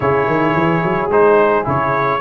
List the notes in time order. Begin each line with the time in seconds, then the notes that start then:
0.00 C#3 E4 G#4 C#5
0.26 D#3
0.55 E3
0.84 F#3
1.08 G#3 D#4 C5
1.64 C#3 E4 C#5